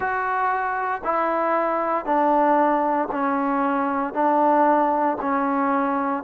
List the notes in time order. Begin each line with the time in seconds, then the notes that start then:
0.00 F#4
1.03 E4
2.05 D4
3.11 C#4
4.13 D4
5.21 C#4